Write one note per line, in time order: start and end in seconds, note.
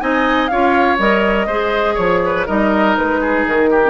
0.00 0.51 C4
0.00 0.49 D#4
0.00 0.51 D#5
0.00 0.47 G#5
0.47 0.99 C#4
0.47 0.99 F4
0.47 1.47 C#5
0.47 0.97 F5
0.99 1.47 G3
0.99 1.48 A#4
0.99 1.97 D#5
1.47 1.96 G#3
1.47 2.47 G#4
1.47 1.94 C5
1.94 2.47 F3
1.94 2.19 C#5
1.94 2.47 C#5
2.26 2.47 B4
2.47 2.98 G3
2.47 3.82 D#4
2.47 3.20 A#4
2.47 2.96 D#5
2.97 3.46 G#3
2.97 3.46 B4
3.21 3.70 G#4
3.46 3.90 D#3
3.46 3.90 A#4
3.70 3.90 G4
3.85 3.90 C#4